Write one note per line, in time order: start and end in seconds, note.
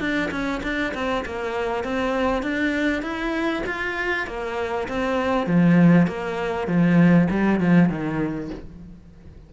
0.00 0.30 D4
0.31 0.61 C#4
0.63 0.93 D4
0.94 1.25 C4
1.25 1.84 A#3
1.84 2.43 C4
2.43 3.02 D4
3.02 3.63 E4
3.66 4.27 F4
4.27 4.88 A#3
4.88 5.47 C4
5.47 6.07 F3
6.07 6.67 A#3
6.67 7.28 F3
7.31 7.61 G3
7.61 7.90 F3
7.90 8.50 D#3